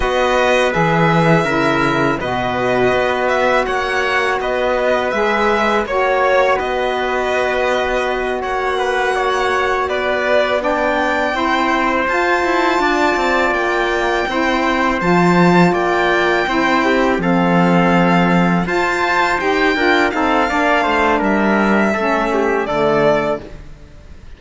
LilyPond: <<
  \new Staff \with { instrumentName = "violin" } { \time 4/4 \tempo 4 = 82 dis''4 e''2 dis''4~ | dis''8 e''8 fis''4 dis''4 e''4 | cis''4 dis''2~ dis''8 fis''8~ | fis''4. d''4 g''4.~ |
g''8 a''2 g''4.~ | g''8 a''4 g''2 f''8~ | f''4. a''4 g''4 f''8~ | f''4 e''2 d''4 | }
  \new Staff \with { instrumentName = "trumpet" } { \time 4/4 b'2 ais'4 b'4~ | b'4 cis''4 b'2 | cis''4 b'2~ b'8 cis''8 | b'8 cis''4 b'4 d''4 c''8~ |
c''4. d''2 c''8~ | c''4. d''4 c''8 g'8 a'8~ | a'4. c''4. ais'8 a'8 | d''8 c''8 ais'4 a'8 g'8 a'4 | }
  \new Staff \with { instrumentName = "saxophone" } { \time 4/4 fis'4 gis'4 e'4 fis'4~ | fis'2. gis'4 | fis'1~ | fis'2~ fis'8 d'4 e'8~ |
e'8 f'2. e'8~ | e'8 f'2 e'4 c'8~ | c'4. f'4 g'8 f'8 dis'8 | d'2 cis'4 a4 | }
  \new Staff \with { instrumentName = "cello" } { \time 4/4 b4 e4 cis4 b,4 | b4 ais4 b4 gis4 | ais4 b2~ b8 ais8~ | ais4. b2 c'8~ |
c'8 f'8 e'8 d'8 c'8 ais4 c'8~ | c'8 f4 ais4 c'4 f8~ | f4. f'4 dis'8 d'8 c'8 | ais8 a8 g4 a4 d4 | }
>>